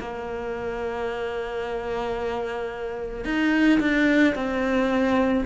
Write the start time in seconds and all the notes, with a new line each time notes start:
0.00 A#3
3.25 D#4
3.80 D4
4.35 C4